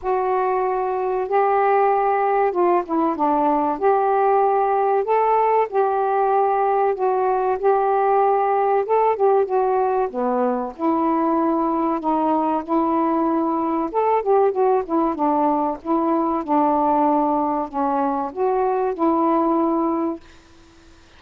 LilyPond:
\new Staff \with { instrumentName = "saxophone" } { \time 4/4 \tempo 4 = 95 fis'2 g'2 | f'8 e'8 d'4 g'2 | a'4 g'2 fis'4 | g'2 a'8 g'8 fis'4 |
b4 e'2 dis'4 | e'2 a'8 g'8 fis'8 e'8 | d'4 e'4 d'2 | cis'4 fis'4 e'2 | }